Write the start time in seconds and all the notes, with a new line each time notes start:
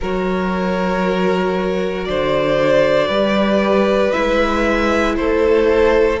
0.00 F#3 F#4 A#4 C#5
2.05 D3 C5 D5
3.07 G3 G4 B4
4.11 G#3 E4 E5
5.16 A3 A4 C5